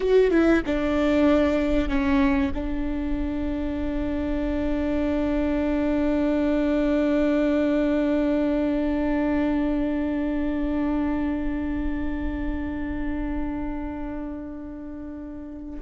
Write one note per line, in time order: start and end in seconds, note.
0.00 0.30 F#4
0.30 0.62 E4
0.66 1.89 D4
1.89 2.52 C#4
2.54 15.80 D4